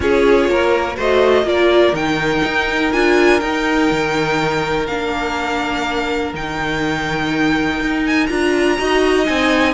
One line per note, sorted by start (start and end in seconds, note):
0.00 0.48 C#4
0.00 0.94 F4
0.00 0.50 G#4
0.00 0.98 C#5
0.48 0.97 A#3
0.48 0.96 A#4
0.96 1.43 A3
0.96 1.44 F#4
0.96 1.44 C5
0.96 1.48 D#5
1.43 1.92 A#3
1.43 1.93 F4
1.43 8.78 A#4
1.43 1.95 D5
1.93 2.42 D#3
1.93 2.92 D#4
1.93 2.92 G5
2.44 2.93 D#4
2.92 3.41 D4
2.92 3.41 F4
2.92 3.40 G#5
3.40 3.90 D#4
3.40 4.88 D#4
3.40 4.86 G5
3.90 4.88 D#3
4.86 6.33 A#3
4.86 6.34 D4
4.86 6.33 F5
6.33 7.80 D#3
6.33 8.29 D#4
6.33 8.06 G5
7.80 8.29 D#4
8.06 8.26 G#5
8.26 8.78 D4
8.26 8.77 F4
8.26 9.24 A#5
8.78 9.28 D#4
8.78 9.25 F#4
8.78 9.73 D#5
9.25 9.73 C4
9.25 9.73 D#4
9.25 9.73 G#5